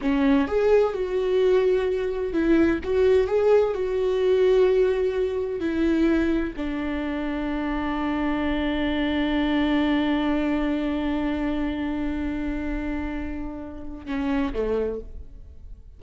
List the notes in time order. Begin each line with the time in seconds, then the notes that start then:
0.01 C#4
0.47 G#4
0.93 F#4
2.32 E4
2.83 F#4
3.27 G#4
3.74 F#4
5.60 E4
6.56 D4
14.06 C#4
14.53 A3